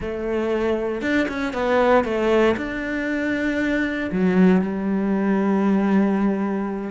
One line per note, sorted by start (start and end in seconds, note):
0.00 1.01 A3
1.01 1.27 D4
1.28 1.53 C#4
1.53 2.04 B3
2.04 2.55 A3
2.56 4.10 D4
4.11 4.61 F#3
4.61 6.90 G3